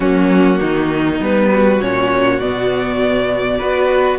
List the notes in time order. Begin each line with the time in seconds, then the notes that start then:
0.00 F#3 A#3 C#4 F#4
0.59 D#3 D#4
1.19 G3 B3 B4
1.51 F#4
1.79 A#2 C#4 C#5
2.39 B2 B3 D5
3.58 B3 F#4 B4